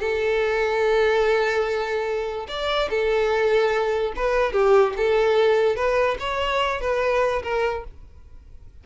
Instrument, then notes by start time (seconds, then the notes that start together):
violin
0.00 A4
2.48 D5
2.90 A4
4.16 B4
4.53 G4
4.97 A4
5.76 B4
6.19 C#5
6.81 B4
7.43 A#4